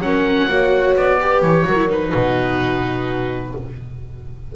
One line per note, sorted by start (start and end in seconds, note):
0.00 0.47 F#3
0.00 0.48 C#4
0.00 0.49 A#4
0.00 0.94 F#5
0.47 0.94 A#3
0.47 1.19 F#4
0.47 1.19 C#5
0.95 1.42 B3
0.95 1.42 D5
1.19 1.67 G4
1.19 1.66 B4
1.42 1.65 E3
1.42 1.88 C#5
1.66 2.13 F#3
1.66 1.76 F#4
1.66 2.12 A#4
1.76 1.88 E4
1.89 3.53 D#4
1.89 3.55 B4
2.12 3.54 B2
2.12 3.53 F#4